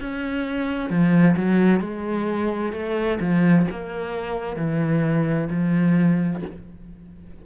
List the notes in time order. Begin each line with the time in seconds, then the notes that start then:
0.00 C#4
0.90 F3
1.37 F#3
1.80 G#3
2.73 A3
3.20 F3
3.71 A#3
4.56 E3
5.50 F3